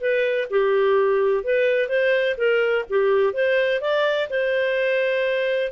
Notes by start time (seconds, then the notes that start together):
0.00 B4
0.50 G4
1.44 B4
1.88 C5
2.37 A#4
2.89 G4
3.33 C5
3.81 D5
4.29 C5